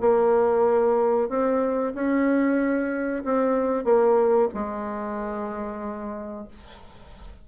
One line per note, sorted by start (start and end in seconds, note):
0.00 1.29 A#3
1.29 1.93 C4
1.94 3.23 C#4
3.24 3.84 C4
3.84 4.49 A#3
4.54 6.47 G#3